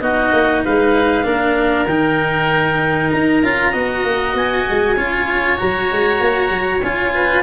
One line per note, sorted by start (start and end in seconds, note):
0.00 0.31 B3
0.00 1.24 D#4
0.00 0.64 F#4
0.00 0.62 D#5
0.32 0.63 A#3
0.64 1.24 G#3
0.64 1.26 B4
0.64 1.86 F5
1.24 1.85 A#3
1.24 1.85 D4
1.24 3.71 A#4
1.85 3.08 D#3
1.85 3.43 D#4
1.85 3.10 G5
3.11 3.43 D#4
3.11 4.35 A#5
3.43 3.74 C#4
3.43 3.72 F4
3.71 4.04 B3
3.71 4.96 F#4
3.71 4.95 D#5
4.04 4.34 A#3
4.34 4.64 B3
4.34 5.58 G#5
4.69 4.96 G#3
4.96 5.58 C#4
4.96 5.57 F4
4.96 7.12 C#5
5.57 5.91 F#3
5.57 6.81 F#4
5.57 6.82 A#5
5.91 6.20 G#3
6.20 6.50 A#3
6.50 6.81 F#3
6.82 7.43 C#4
6.82 7.43 F4
6.82 7.43 G#5
7.14 7.43 B4